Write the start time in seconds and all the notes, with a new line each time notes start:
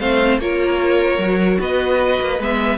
0.00 A3 C4 C5 F5
0.39 A#3 F4 A#4 C#5
1.18 F#3 F#4
1.59 B3 B4 D#5
2.21 A#3
2.40 G#3 B3 E5